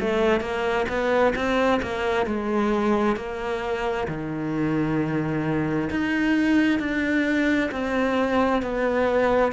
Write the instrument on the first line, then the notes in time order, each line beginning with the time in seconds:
cello
0.00 A3
0.40 A#3
0.88 B3
1.35 C4
1.82 A#3
2.26 G#3
3.16 A#3
4.07 D#3
5.90 D#4
6.79 D4
7.71 C4
8.62 B3